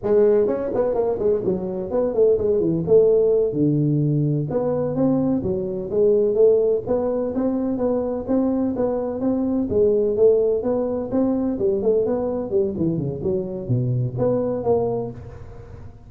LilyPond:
\new Staff \with { instrumentName = "tuba" } { \time 4/4 \tempo 4 = 127 gis4 cis'8 b8 ais8 gis8 fis4 | b8 a8 gis8 e8 a4. d8~ | d4. b4 c'4 fis8~ | fis8 gis4 a4 b4 c'8~ |
c'8 b4 c'4 b4 c'8~ | c'8 gis4 a4 b4 c'8~ | c'8 g8 a8 b4 g8 e8 cis8 | fis4 b,4 b4 ais4 | }